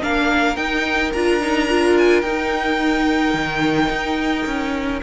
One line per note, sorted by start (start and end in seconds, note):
0.00 0.56 A#3
0.00 0.56 D4
0.00 5.02 A#4
0.00 0.56 F5
0.56 1.12 D#4
0.56 1.11 G5
1.12 2.23 D4
1.12 1.40 F4
1.12 1.96 A#5
1.40 1.68 D#4
1.68 2.24 F4
1.98 2.21 G#5
2.21 3.33 D#4
2.21 5.02 D#4
2.21 4.99 G5
3.33 3.89 D#3
3.89 4.45 D#4
4.45 5.01 C#4